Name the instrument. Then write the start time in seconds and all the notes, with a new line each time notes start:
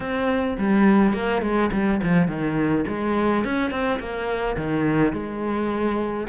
cello
0.00 C4
0.58 G3
1.13 A#3
1.41 G#3
1.72 G3
2.02 F3
2.27 D#3
2.87 G#3
3.44 C#4
3.70 C4
3.99 A#3
4.56 D#3
5.12 G#3